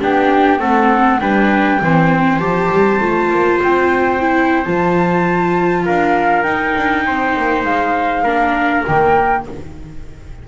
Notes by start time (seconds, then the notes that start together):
0.00 B3 D4 G4 G5
0.59 A3 C4 A4 F#5
1.20 G3 D4 B4 G5
1.81 E3 C4 C5
2.39 F3 G4 A5
2.71 G3
3.00 A3 F4
3.29 A#3
3.62 C4 G5
4.20 E4
4.64 F3 F4 A5
5.85 D4 A#4 F5
6.42 D#4 G5
6.77 D4
7.06 C4 C5
7.37 A#3
7.64 G#3 F5
8.23 A#3 D4 A#4
8.87 D#3 A#3 G5